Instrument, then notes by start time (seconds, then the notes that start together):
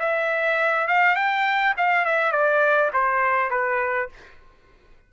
trumpet
0.00 E5
0.88 F5
1.16 G5
1.77 F5
2.05 E5
2.32 D5
2.93 C5
3.51 B4